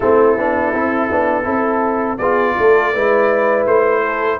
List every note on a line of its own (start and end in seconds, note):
0.00 0.36 A3
0.00 0.38 C4
0.00 1.44 E4
0.00 2.18 A4
0.36 0.73 B3
0.36 0.74 D4
0.73 1.10 C4
0.73 1.10 E4
1.10 1.45 B3
1.10 1.43 D4
1.43 2.18 C4
1.43 2.16 E4
1.43 2.18 A4
2.18 2.55 B3
2.18 2.95 F4
2.18 2.55 G#4
2.18 3.64 D5
2.58 2.94 A3
2.58 2.92 A4
2.92 3.66 G#3
2.92 4.40 E4
2.92 4.02 B4
3.66 4.39 A3
3.66 4.40 C5
4.03 4.40 A4